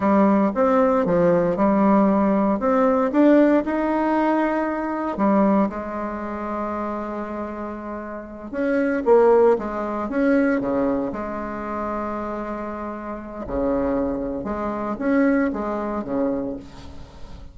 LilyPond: \new Staff \with { instrumentName = "bassoon" } { \time 4/4 \tempo 4 = 116 g4 c'4 f4 g4~ | g4 c'4 d'4 dis'4~ | dis'2 g4 gis4~ | gis1~ |
gis8 cis'4 ais4 gis4 cis'8~ | cis'8 cis4 gis2~ gis8~ | gis2 cis2 | gis4 cis'4 gis4 cis4 | }